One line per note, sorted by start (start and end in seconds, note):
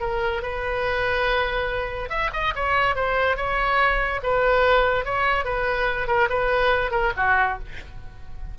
0.00 0.42 A#4
0.42 2.09 B4
2.09 2.30 E5
2.32 2.53 D#5
2.55 2.95 C#5
2.95 3.36 C5
3.36 4.20 C#5
4.23 5.05 B4
5.05 5.45 C#5
5.45 6.07 B4
6.07 6.28 A#4
6.29 6.91 B4
6.91 7.12 A#4
7.16 7.58 F#4